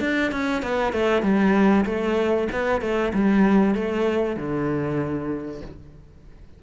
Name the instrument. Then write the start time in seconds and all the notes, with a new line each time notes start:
cello
0.00 D4
0.32 C#4
0.62 B3
0.93 A3
1.22 G3
1.85 A3
2.52 B3
2.81 A3
3.13 G3
3.74 A3
4.36 D3